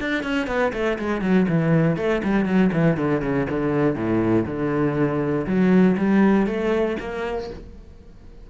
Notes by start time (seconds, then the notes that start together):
0.00 D4
0.23 C#4
0.47 B3
0.73 A3
0.98 G#3
1.21 F#3
1.48 E3
1.96 A3
2.23 G3
2.45 F#3
2.72 E3
2.97 D3
3.22 C#3
3.50 D3
3.95 A2
4.46 D3
5.46 F#3
5.97 G3
6.46 A3
7.00 A#3